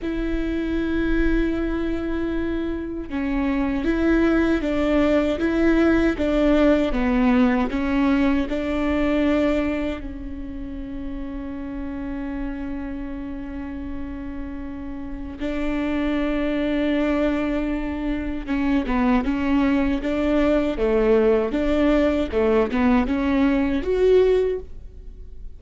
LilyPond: \new Staff \with { instrumentName = "viola" } { \time 4/4 \tempo 4 = 78 e'1 | cis'4 e'4 d'4 e'4 | d'4 b4 cis'4 d'4~ | d'4 cis'2.~ |
cis'1 | d'1 | cis'8 b8 cis'4 d'4 a4 | d'4 a8 b8 cis'4 fis'4 | }